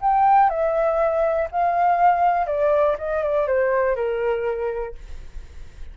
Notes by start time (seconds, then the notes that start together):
0.00 G5
0.49 E5
1.51 F5
2.46 D5
2.98 D#5
3.23 D5
3.47 C5
3.95 A#4